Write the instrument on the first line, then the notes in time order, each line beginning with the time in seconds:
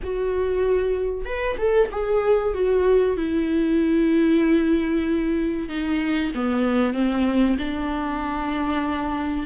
viola
0.03 F#4
1.25 B4
1.58 A4
1.91 G#4
2.53 F#4
3.16 E4
5.68 D#4
6.34 B3
6.93 C4
7.58 D4